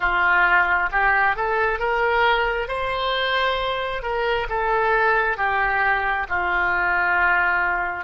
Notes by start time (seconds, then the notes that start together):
0.00 F4
0.91 G4
1.36 A4
1.79 A#4
2.67 C5
4.02 A#4
4.49 A4
5.37 G4
6.28 F4